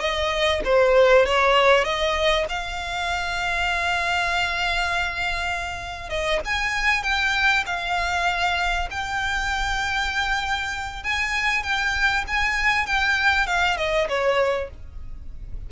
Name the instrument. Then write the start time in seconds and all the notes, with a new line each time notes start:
violin
0.00 D#5
0.65 C5
1.26 C#5
1.84 D#5
2.49 F5
6.09 D#5
6.45 G#5
7.03 G5
7.66 F5
8.91 G5
11.03 G#5
11.63 G5
12.28 G#5
12.86 G5
13.47 F5
13.77 D#5
14.09 C#5